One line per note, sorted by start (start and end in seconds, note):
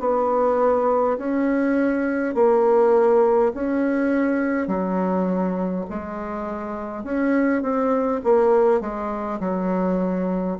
0.00 1.18 B3
1.18 2.35 C#4
2.35 3.52 A#3
3.54 4.67 C#4
4.67 5.85 F#3
5.90 7.04 G#3
7.04 7.62 C#4
7.62 8.21 C4
8.24 8.81 A#3
8.81 9.40 G#3
9.40 10.58 F#3